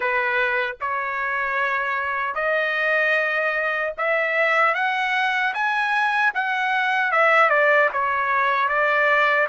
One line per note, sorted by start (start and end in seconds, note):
0.00 0.76 B4
0.81 2.35 C#5
2.35 3.93 D#5
3.97 4.74 E5
4.74 5.53 F#5
5.54 6.33 G#5
6.34 7.11 F#5
7.11 7.49 E5
7.49 7.89 D5
7.93 8.68 C#5
8.68 9.47 D5